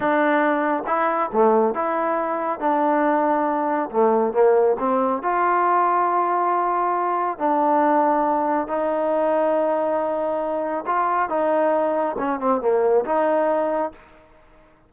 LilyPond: \new Staff \with { instrumentName = "trombone" } { \time 4/4 \tempo 4 = 138 d'2 e'4 a4 | e'2 d'2~ | d'4 a4 ais4 c'4 | f'1~ |
f'4 d'2. | dis'1~ | dis'4 f'4 dis'2 | cis'8 c'8 ais4 dis'2 | }